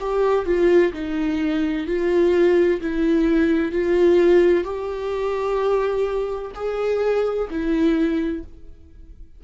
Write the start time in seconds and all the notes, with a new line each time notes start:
0.00 G4
0.46 F4
0.93 D#4
1.87 F4
2.81 E4
3.72 F4
4.64 G4
6.55 G#4
7.50 E4